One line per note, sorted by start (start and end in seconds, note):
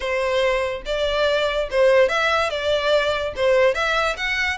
0.00 0.82 C5
0.85 1.68 D5
1.71 2.08 C5
2.08 2.50 E5
2.50 3.33 D5
3.35 3.74 C5
3.74 4.16 E5
4.16 4.57 F#5